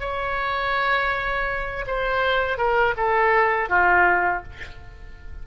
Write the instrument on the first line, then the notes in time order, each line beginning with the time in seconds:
oboe
0.00 C#5
1.87 C5
2.58 A#4
2.97 A4
3.69 F4